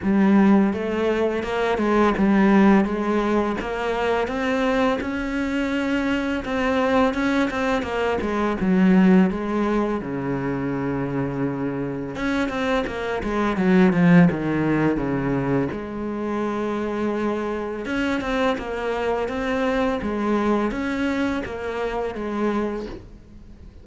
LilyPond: \new Staff \with { instrumentName = "cello" } { \time 4/4 \tempo 4 = 84 g4 a4 ais8 gis8 g4 | gis4 ais4 c'4 cis'4~ | cis'4 c'4 cis'8 c'8 ais8 gis8 | fis4 gis4 cis2~ |
cis4 cis'8 c'8 ais8 gis8 fis8 f8 | dis4 cis4 gis2~ | gis4 cis'8 c'8 ais4 c'4 | gis4 cis'4 ais4 gis4 | }